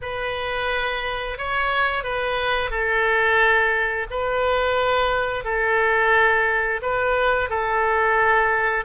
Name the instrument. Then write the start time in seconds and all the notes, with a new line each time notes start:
oboe
0.01 B4
1.38 C#5
2.03 B4
2.70 A4
4.10 B4
5.44 A4
6.82 B4
7.49 A4